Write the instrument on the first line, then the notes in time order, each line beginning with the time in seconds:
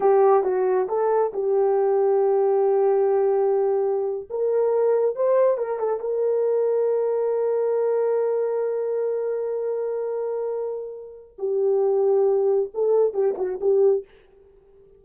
horn
0.00 G4
0.43 F#4
0.88 A4
1.33 G4
4.29 A#4
5.15 C5
5.57 A#4
5.79 A4
6.00 A#4
11.38 G4
12.73 A4
13.13 G4
13.37 F#4
13.61 G4